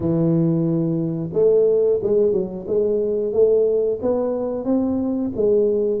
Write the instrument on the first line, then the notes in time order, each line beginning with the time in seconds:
tuba
0.00 E3
1.33 A3
2.02 G#3
2.32 F#3
2.67 G#3
3.32 A3
4.02 B3
4.65 C4
5.36 G#3